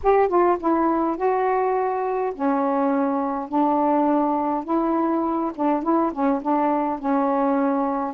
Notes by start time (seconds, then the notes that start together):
0.03 G4
0.28 F4
0.60 E4
1.17 F#4
2.35 C#4
3.48 D4
4.64 E4
5.55 D4
5.83 E4
6.12 C#4
6.42 D4
6.99 C#4